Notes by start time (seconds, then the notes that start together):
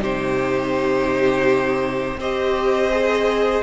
0.00 C3 D#4 G4 C5
2.17 C4 G4 C5 D#5
2.91 G#4